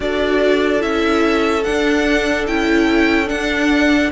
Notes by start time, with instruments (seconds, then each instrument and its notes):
0.00 cello D4, viola F#4, violin A4 D5
0.80 cello C#4, viola E4, violin E5
1.63 viola D4, cello D4, violin F#5
2.47 cello C#4, viola E4, violin G5
3.26 viola D4, cello D4, violin F#5